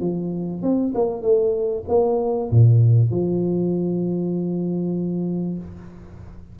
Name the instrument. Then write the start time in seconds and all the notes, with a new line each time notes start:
tuba
0.00 F3
0.62 C4
0.95 A#3
1.22 A3
1.88 A#3
2.50 A#2
3.10 F3